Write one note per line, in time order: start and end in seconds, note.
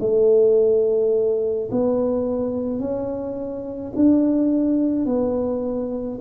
0.00 1.70 A3
1.71 2.79 B3
2.79 3.93 C#4
3.96 5.05 D4
5.05 6.19 B3